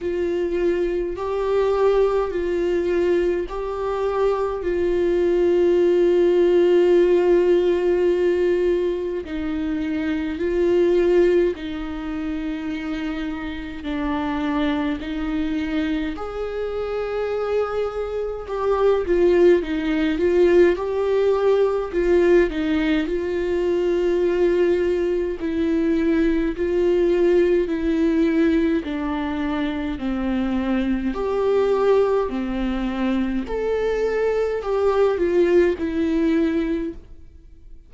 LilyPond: \new Staff \with { instrumentName = "viola" } { \time 4/4 \tempo 4 = 52 f'4 g'4 f'4 g'4 | f'1 | dis'4 f'4 dis'2 | d'4 dis'4 gis'2 |
g'8 f'8 dis'8 f'8 g'4 f'8 dis'8 | f'2 e'4 f'4 | e'4 d'4 c'4 g'4 | c'4 a'4 g'8 f'8 e'4 | }